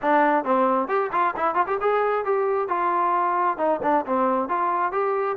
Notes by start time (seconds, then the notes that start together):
0.01 D4
0.44 C4
0.88 G4
1.12 F4
1.36 E4
1.54 F4
1.66 G4
1.80 G#4
2.24 G4
2.68 F4
3.57 D#4
3.82 D4
4.06 C4
4.48 F4
4.92 G4